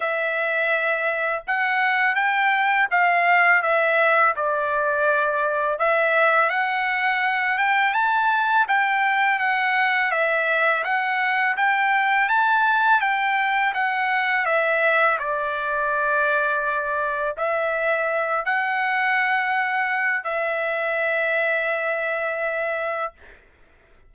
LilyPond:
\new Staff \with { instrumentName = "trumpet" } { \time 4/4 \tempo 4 = 83 e''2 fis''4 g''4 | f''4 e''4 d''2 | e''4 fis''4. g''8 a''4 | g''4 fis''4 e''4 fis''4 |
g''4 a''4 g''4 fis''4 | e''4 d''2. | e''4. fis''2~ fis''8 | e''1 | }